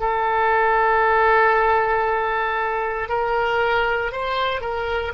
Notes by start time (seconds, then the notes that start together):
0.00 A4
3.09 A#4
4.12 C5
4.61 A#4